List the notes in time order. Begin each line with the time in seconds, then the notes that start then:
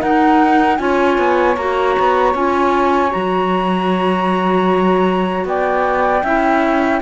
0.00 D#4 A#4 F#5
0.77 C#4 F4 C#5 G#5
1.18 B3
1.57 A#3 F#4 A#5
2.00 B3
2.35 C#4 F4 G#5
3.10 F#3 F#4 A#5
5.45 B3 D5 G5
6.24 C#4 E4 E5